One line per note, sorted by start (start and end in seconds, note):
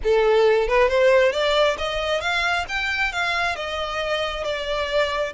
0.03 0.68 A4
0.68 0.88 B4
0.88 1.32 C5
1.32 1.76 D5
1.77 2.20 D#5
2.20 2.65 F5
2.68 3.12 G5
3.12 3.55 F5
3.55 4.44 D#5
4.44 5.33 D5